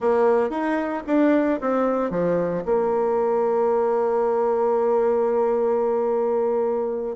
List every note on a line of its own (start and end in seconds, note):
0.00 0.49 A#3
0.49 1.03 D#4
1.06 1.59 D4
1.60 2.10 C4
2.10 2.63 F3
2.65 7.16 A#3